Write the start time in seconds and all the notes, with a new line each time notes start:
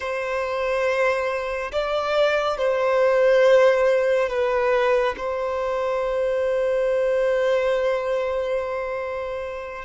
0.00 C5
1.71 D5
2.57 C5
4.29 B4
5.17 C5